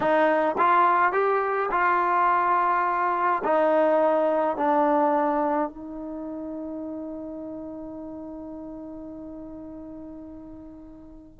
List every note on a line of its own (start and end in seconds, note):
0.00 0.55 D#4
0.57 1.12 F4
1.12 1.69 G4
1.71 3.42 F4
3.43 4.56 D#4
4.56 5.69 D4
5.69 11.40 D#4